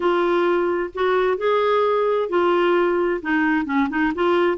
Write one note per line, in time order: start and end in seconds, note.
0.00 0.90 F4
0.94 1.37 F#4
1.37 2.29 G#4
2.29 3.20 F4
3.22 3.65 D#4
3.65 3.88 C#4
3.89 4.12 D#4
4.15 4.57 F4